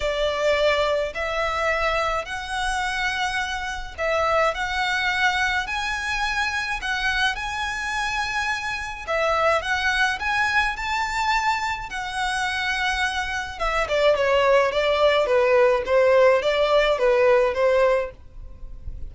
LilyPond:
\new Staff \with { instrumentName = "violin" } { \time 4/4 \tempo 4 = 106 d''2 e''2 | fis''2. e''4 | fis''2 gis''2 | fis''4 gis''2. |
e''4 fis''4 gis''4 a''4~ | a''4 fis''2. | e''8 d''8 cis''4 d''4 b'4 | c''4 d''4 b'4 c''4 | }